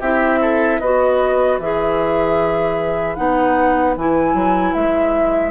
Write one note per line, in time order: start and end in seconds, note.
0.00 0.80 C4
0.00 0.82 E4
0.00 0.39 G4
0.00 0.80 E5
0.42 0.81 A4
0.80 1.59 B3
0.80 1.62 F#4
0.80 5.51 B4
0.80 1.59 D#5
1.60 3.18 E3
1.60 3.17 G#4
1.60 3.15 E5
3.15 3.97 B3
3.15 3.96 D#4
3.15 3.94 F#5
3.97 4.34 E3
3.97 5.51 E4
3.97 4.74 G#5
4.34 4.73 F#3
4.74 5.51 G#3
4.74 5.51 E5